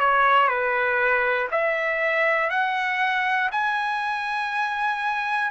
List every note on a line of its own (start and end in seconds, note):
0.00 0.48 C#5
0.48 1.48 B4
1.51 2.50 E5
2.50 3.50 F#5
3.51 5.50 G#5